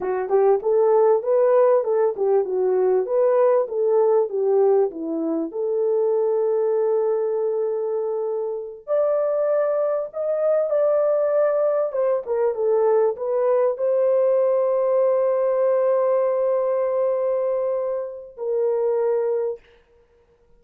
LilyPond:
\new Staff \with { instrumentName = "horn" } { \time 4/4 \tempo 4 = 98 fis'8 g'8 a'4 b'4 a'8 g'8 | fis'4 b'4 a'4 g'4 | e'4 a'2.~ | a'2~ a'8 d''4.~ |
d''8 dis''4 d''2 c''8 | ais'8 a'4 b'4 c''4.~ | c''1~ | c''2 ais'2 | }